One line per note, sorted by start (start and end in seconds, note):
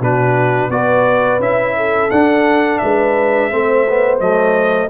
0.00 0.70 B2
0.00 0.71 D4
0.00 0.70 F#4
0.00 0.71 B4
0.70 1.39 B3
0.70 1.41 F#4
0.70 1.77 B4
0.70 1.41 D5
1.39 2.09 C#4
1.39 2.11 E4
1.39 2.11 E5
1.77 2.81 A4
2.11 2.81 D4
2.11 3.52 D4
2.11 2.78 F#5
2.78 3.53 G#3
2.78 3.50 B4
2.78 4.18 E5
3.50 4.20 A3
3.50 3.87 C4
3.50 4.90 C5
3.88 4.21 B3
4.20 4.90 F#3
4.20 4.90 A3
4.20 4.90 D#5